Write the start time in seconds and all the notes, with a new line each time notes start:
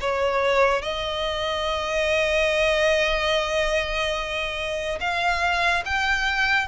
0.00 C#5
0.81 D#5
5.00 F5
5.85 G5